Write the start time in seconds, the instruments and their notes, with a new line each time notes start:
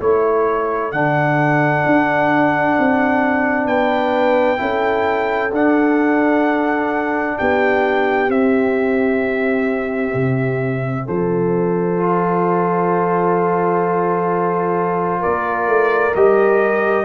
0.00 tuba A3, trombone E4, horn A4, trumpet C#5
0.92 tuba D3, trombone D4, trumpet F#5
1.86 tuba D4
2.79 tuba C4
3.66 tuba B3, horn B4, trumpet G5
4.58 tuba C#4, trombone E4, horn A4
5.52 tuba D4, trombone D4, trumpet F#5
7.38 tuba B3, horn G4, trumpet G5
8.28 tuba C4, trombone C4, trumpet E5
10.14 tuba C3
11.07 tuba F3, horn A4, trumpet C5
11.97 trombone F4
15.20 tuba A#3, horn A#4, trumpet D5
15.67 tuba A3
16.15 tuba G3, trombone G4, trumpet D#5